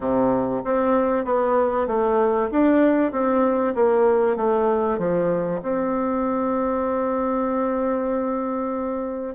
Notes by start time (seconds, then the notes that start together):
0.00 C3
0.64 C4
1.24 B3
1.87 A3
2.51 D4
3.12 C4
3.74 A#3
4.36 A3
4.98 F3
5.62 C4